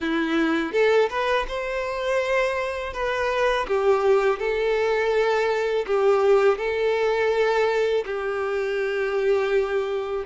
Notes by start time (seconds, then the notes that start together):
0.00 E4
0.72 A4
1.09 B4
1.48 C5
2.93 B4
3.67 G4
4.39 A4
5.86 G4
6.58 A4
8.05 G4